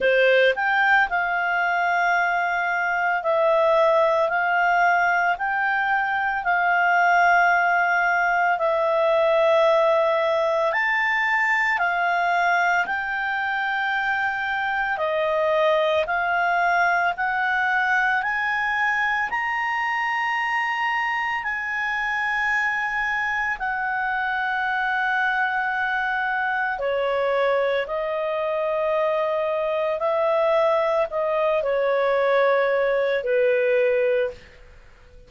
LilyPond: \new Staff \with { instrumentName = "clarinet" } { \time 4/4 \tempo 4 = 56 c''8 g''8 f''2 e''4 | f''4 g''4 f''2 | e''2 a''4 f''4 | g''2 dis''4 f''4 |
fis''4 gis''4 ais''2 | gis''2 fis''2~ | fis''4 cis''4 dis''2 | e''4 dis''8 cis''4. b'4 | }